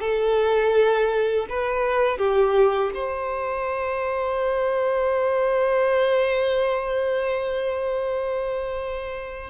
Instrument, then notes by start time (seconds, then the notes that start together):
violin
0.00 A4
1.49 B4
2.18 G4
2.94 C5